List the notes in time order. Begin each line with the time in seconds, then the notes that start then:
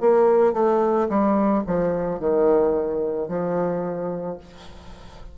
0.00 A#3
0.53 A3
1.09 G3
1.66 F3
2.19 D#3
3.28 F3